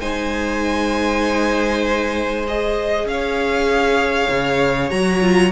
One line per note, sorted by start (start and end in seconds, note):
0.00 3.04 G#3
0.00 2.46 D#4
0.00 3.06 C5
0.00 2.45 G#5
2.47 4.89 G#4
2.47 3.07 D#5
3.04 4.27 C#4
3.04 4.90 F5
3.11 5.52 C#5
4.29 4.91 C#3
4.89 5.52 F#3
4.89 5.20 F#4
4.89 5.51 A#5
5.21 5.52 F4